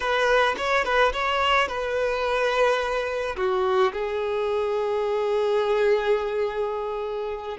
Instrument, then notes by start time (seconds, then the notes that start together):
violin
0.00 B4
0.57 C#5
0.84 B4
1.12 C#5
1.67 B4
3.36 F#4
3.93 G#4